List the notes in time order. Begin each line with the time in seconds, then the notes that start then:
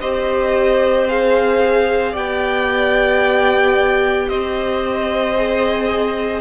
0.00 C4 G4 C5 D#5
1.08 G#4 F5
2.12 B3 G4 D5 G5
4.28 C4 C5 D#5
5.35 G#4